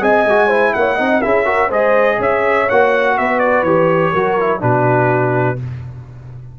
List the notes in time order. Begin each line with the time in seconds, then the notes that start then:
0.00 C4 G#4 D#5 G#5
0.24 G#3 F#4
0.47 E4 C5
0.73 A#3 C#5 F#5
0.95 C4 D#4 D#5
1.21 C#4 E4 G#4 E5
1.45 F#4 A#4
1.68 G#3 G#4 C5 D#5
2.18 C#4 C#5 E5
2.69 A#3 F#4 F#5
3.17 B3 B4 E5
3.39 D5
3.62 E3 G4 C#5
4.12 F#3 F#4 A#4
4.39 E4
4.59 B2 D4 F#4 B4